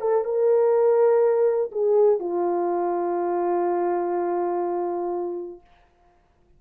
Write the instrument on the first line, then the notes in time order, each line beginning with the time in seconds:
horn
0.00 A4
0.24 A#4
1.71 G#4
2.19 F4